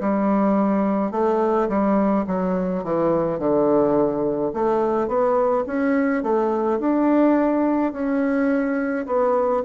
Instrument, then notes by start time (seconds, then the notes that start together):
bassoon
0.00 G3
1.12 A3
1.69 G3
2.27 F#3
2.84 E3
3.39 D3
4.53 A3
5.08 B3
5.67 C#4
6.23 A3
6.79 D4
7.92 C#4
9.06 B3